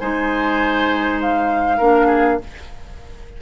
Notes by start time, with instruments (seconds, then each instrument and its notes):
0.00 bassoon G#3, clarinet D#4, oboe C5, flute G#5
1.22 flute F5
1.78 bassoon A#3, clarinet D4, oboe A#4
2.07 oboe G#4